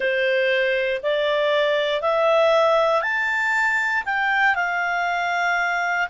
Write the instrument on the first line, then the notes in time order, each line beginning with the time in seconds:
clarinet
0.00 C5
1.02 D5
2.01 E5
3.02 A5
4.05 G5
4.55 F5